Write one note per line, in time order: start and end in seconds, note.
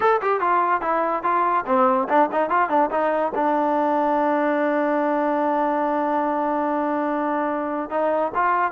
0.00 0.20 A4
0.21 0.40 G4
0.40 0.81 F4
0.81 1.23 E4
1.23 1.65 F4
1.66 2.08 C4
2.08 2.29 D4
2.32 2.49 D#4
2.49 2.69 F4
2.69 2.90 D4
2.90 3.32 D#4
3.34 7.90 D4
7.90 8.31 D#4
8.34 8.71 F4